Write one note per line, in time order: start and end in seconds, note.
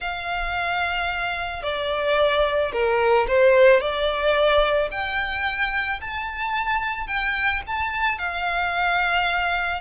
0.00 1.62 F5
1.62 2.71 D5
2.72 3.27 A#4
3.27 3.80 C5
3.80 4.89 D5
4.91 6.00 G5
6.00 7.07 A5
7.07 7.61 G5
7.67 8.18 A5
8.18 9.81 F5